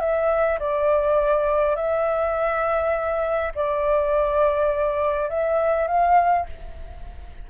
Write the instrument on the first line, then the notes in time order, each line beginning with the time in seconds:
flute
0.00 E5
0.59 D5
1.76 E5
3.55 D5
5.30 E5
5.87 F5